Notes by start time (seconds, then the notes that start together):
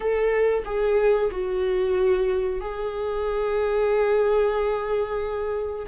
0.00 A4
0.65 G#4
1.31 F#4
2.60 G#4